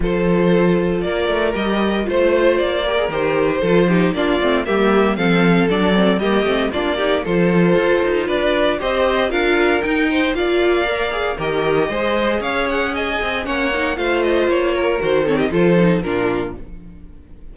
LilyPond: <<
  \new Staff \with { instrumentName = "violin" } { \time 4/4 \tempo 4 = 116 c''2 d''4 dis''4 | c''4 d''4 c''2 | d''4 e''4 f''4 d''4 | dis''4 d''4 c''2 |
d''4 dis''4 f''4 g''4 | f''2 dis''2 | f''8 fis''8 gis''4 fis''4 f''8 dis''8 | cis''4 c''8 cis''16 dis''16 c''4 ais'4 | }
  \new Staff \with { instrumentName = "violin" } { \time 4/4 a'2 ais'2 | c''4. ais'4. a'8 g'8 | f'4 g'4 a'2 | g'4 f'8 g'8 a'2 |
b'4 c''4 ais'4. c''8 | d''2 ais'4 c''4 | cis''4 dis''4 cis''4 c''4~ | c''8 ais'4 a'16 g'16 a'4 f'4 | }
  \new Staff \with { instrumentName = "viola" } { \time 4/4 f'2. g'4 | f'4. g'16 gis'16 g'4 f'8 dis'8 | d'8 c'8 ais4 c'4 d'8 c'8 | ais8 c'8 d'8 dis'8 f'2~ |
f'4 g'4 f'4 dis'4 | f'4 ais'8 gis'8 g'4 gis'4~ | gis'2 cis'8 dis'8 f'4~ | f'4 fis'8 c'8 f'8 dis'8 d'4 | }
  \new Staff \with { instrumentName = "cello" } { \time 4/4 f2 ais8 a8 g4 | a4 ais4 dis4 f4 | ais8 a8 g4 f4 fis4 | g8 a8 ais4 f4 f'8 dis'8 |
d'4 c'4 d'4 dis'4 | ais2 dis4 gis4 | cis'4. c'8 ais4 a4 | ais4 dis4 f4 ais,4 | }
>>